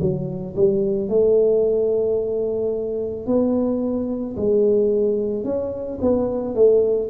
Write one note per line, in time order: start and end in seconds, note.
0.00 0.55 F#3
0.56 1.09 G3
1.09 3.26 A3
3.26 4.35 B3
4.36 5.44 G#3
5.44 5.99 C#4
6.01 6.55 B3
6.55 7.09 A3